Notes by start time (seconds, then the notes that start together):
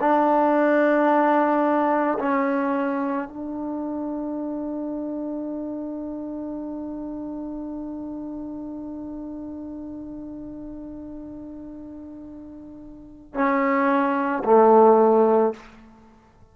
0.00 D4
2.19 C#4
3.28 D4
13.34 C#4
14.44 A3